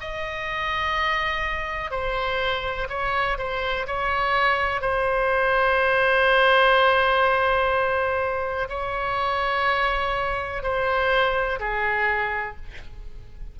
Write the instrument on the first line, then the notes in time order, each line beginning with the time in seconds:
oboe
0.00 D#5
1.90 C5
2.89 C#5
3.37 C5
3.86 C#5
4.81 C5
8.69 C#5
10.62 C5
11.60 G#4